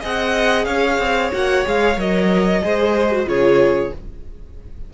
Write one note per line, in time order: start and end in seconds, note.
0.00 0.66 C4
0.00 1.32 G#4
0.00 0.65 D#5
0.00 0.65 F#5
0.65 0.98 C#4
0.65 2.62 C#5
0.65 1.30 F5
0.99 1.31 C4
1.32 1.66 A#3
1.32 1.65 F#4
1.32 1.67 F#5
1.65 1.97 G#3
1.65 1.97 G#4
1.65 2.00 F5
1.97 2.62 F#3
1.97 2.62 A#4
1.97 3.29 D#5
2.62 3.26 G#3
2.62 3.11 G#4
2.62 3.29 C5
3.11 3.26 F#4
3.26 3.91 C#3
3.26 3.91 F4
3.26 3.94 G#4
3.26 3.94 C#5